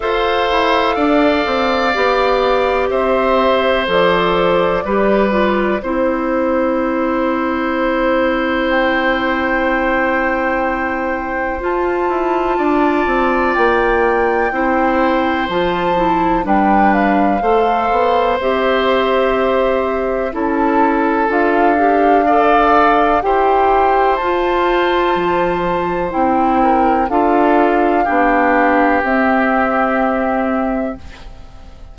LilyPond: <<
  \new Staff \with { instrumentName = "flute" } { \time 4/4 \tempo 4 = 62 f''2. e''4 | d''2 c''2~ | c''4 g''2. | a''2 g''2 |
a''4 g''8 f''4. e''4~ | e''4 a''4 f''2 | g''4 a''2 g''4 | f''2 e''2 | }
  \new Staff \with { instrumentName = "oboe" } { \time 4/4 c''4 d''2 c''4~ | c''4 b'4 c''2~ | c''1~ | c''4 d''2 c''4~ |
c''4 b'4 c''2~ | c''4 a'2 d''4 | c''2.~ c''8 ais'8 | a'4 g'2. | }
  \new Staff \with { instrumentName = "clarinet" } { \time 4/4 a'2 g'2 | a'4 g'8 f'8 e'2~ | e'1 | f'2. e'4 |
f'8 e'8 d'4 a'4 g'4~ | g'4 e'4 f'8 g'8 a'4 | g'4 f'2 e'4 | f'4 d'4 c'2 | }
  \new Staff \with { instrumentName = "bassoon" } { \time 4/4 f'8 e'8 d'8 c'8 b4 c'4 | f4 g4 c'2~ | c'1 | f'8 e'8 d'8 c'8 ais4 c'4 |
f4 g4 a8 b8 c'4~ | c'4 cis'4 d'2 | e'4 f'4 f4 c'4 | d'4 b4 c'2 | }
>>